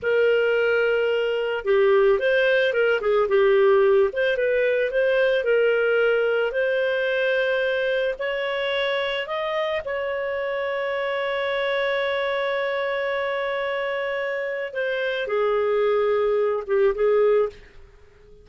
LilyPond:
\new Staff \with { instrumentName = "clarinet" } { \time 4/4 \tempo 4 = 110 ais'2. g'4 | c''4 ais'8 gis'8 g'4. c''8 | b'4 c''4 ais'2 | c''2. cis''4~ |
cis''4 dis''4 cis''2~ | cis''1~ | cis''2. c''4 | gis'2~ gis'8 g'8 gis'4 | }